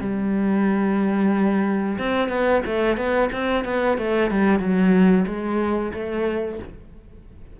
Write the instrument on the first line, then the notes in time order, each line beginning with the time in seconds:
cello
0.00 G3
1.98 C4
2.29 B3
2.66 A3
2.97 B3
3.32 C4
3.65 B3
3.98 A3
4.31 G3
4.59 F#3
5.27 G#3
5.93 A3